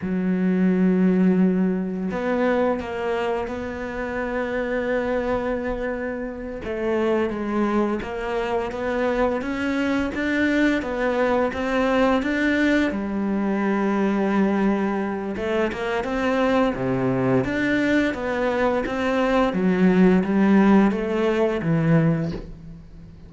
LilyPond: \new Staff \with { instrumentName = "cello" } { \time 4/4 \tempo 4 = 86 fis2. b4 | ais4 b2.~ | b4. a4 gis4 ais8~ | ais8 b4 cis'4 d'4 b8~ |
b8 c'4 d'4 g4.~ | g2 a8 ais8 c'4 | c4 d'4 b4 c'4 | fis4 g4 a4 e4 | }